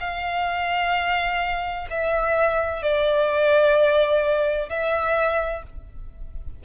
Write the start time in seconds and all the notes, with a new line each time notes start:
0.00 F5
1.90 E5
2.83 D5
4.70 E5